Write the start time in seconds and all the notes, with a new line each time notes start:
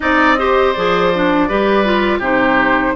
0.00 C4 D#4 D5 D#5
0.37 G4 C5
0.72 F3 G#4 D5
1.14 D4
1.48 G3 G4 B4
1.84 F4
2.18 C3 D#4 G4 C5